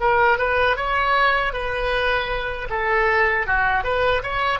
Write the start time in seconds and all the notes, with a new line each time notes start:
0.00 A#4
0.38 B4
0.77 C#5
1.53 B4
2.70 A4
3.47 F#4
3.84 B4
4.23 C#5